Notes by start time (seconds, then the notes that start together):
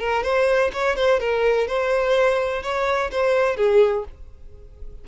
0.00 A#4
0.23 C5
0.73 C#5
0.96 C5
1.20 A#4
1.68 C5
2.63 C#5
3.12 C5
3.57 G#4